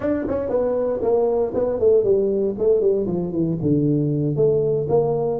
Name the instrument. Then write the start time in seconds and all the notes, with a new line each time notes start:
tuba
0.00 D4
0.28 C#4
0.49 B3
1.02 A#3
1.54 B3
1.79 A3
2.03 G3
2.58 A3
2.80 G3
3.07 F3
3.31 E3
3.62 D3
4.35 A3
4.89 A#3